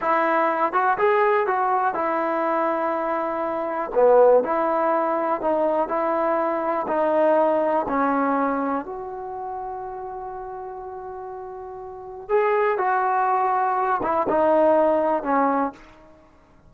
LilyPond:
\new Staff \with { instrumentName = "trombone" } { \time 4/4 \tempo 4 = 122 e'4. fis'8 gis'4 fis'4 | e'1 | b4 e'2 dis'4 | e'2 dis'2 |
cis'2 fis'2~ | fis'1~ | fis'4 gis'4 fis'2~ | fis'8 e'8 dis'2 cis'4 | }